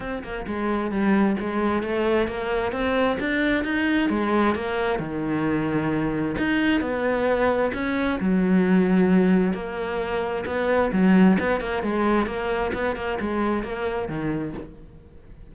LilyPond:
\new Staff \with { instrumentName = "cello" } { \time 4/4 \tempo 4 = 132 c'8 ais8 gis4 g4 gis4 | a4 ais4 c'4 d'4 | dis'4 gis4 ais4 dis4~ | dis2 dis'4 b4~ |
b4 cis'4 fis2~ | fis4 ais2 b4 | fis4 b8 ais8 gis4 ais4 | b8 ais8 gis4 ais4 dis4 | }